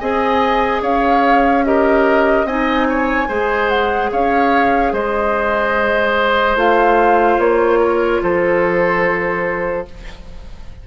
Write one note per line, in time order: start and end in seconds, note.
0.00 0.82 C4
0.00 1.65 G#4
0.00 0.83 D#5
0.00 0.82 G#5
0.82 2.45 C#4
0.82 1.65 C#5
0.82 1.65 F5
1.65 2.47 G4
1.65 2.47 A#4
1.65 2.47 D#5
2.45 3.27 C4
2.45 3.28 D#4
2.45 2.88 D#5
2.45 3.69 G#5
2.89 3.29 C#5
3.28 4.12 G#3
3.28 6.57 G#4
3.28 4.11 C5
3.69 4.10 F#5
4.12 4.93 C#4
4.12 4.93 C#5
4.12 4.94 F5
4.93 6.56 G#3
4.93 7.80 C5
4.93 6.58 D#5
6.56 7.38 A3
6.56 9.86 F4
6.56 7.40 F5
7.39 8.21 A#3
7.39 8.23 C#5
7.80 8.21 A#4
8.23 9.88 F3
8.23 9.88 A4
8.23 9.87 C5